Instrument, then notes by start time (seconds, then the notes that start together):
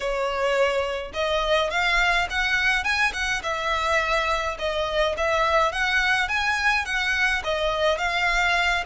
violin
0.00 C#5
1.13 D#5
1.70 F5
2.30 F#5
2.83 G#5
3.13 F#5
3.43 E5
4.58 D#5
5.17 E5
5.71 F#5
6.28 G#5
6.85 F#5
7.43 D#5
7.98 F5